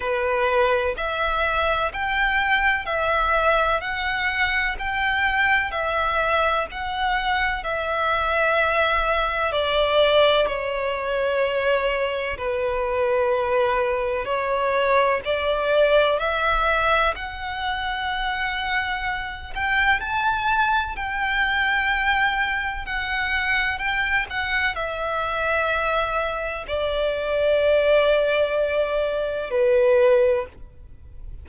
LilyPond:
\new Staff \with { instrumentName = "violin" } { \time 4/4 \tempo 4 = 63 b'4 e''4 g''4 e''4 | fis''4 g''4 e''4 fis''4 | e''2 d''4 cis''4~ | cis''4 b'2 cis''4 |
d''4 e''4 fis''2~ | fis''8 g''8 a''4 g''2 | fis''4 g''8 fis''8 e''2 | d''2. b'4 | }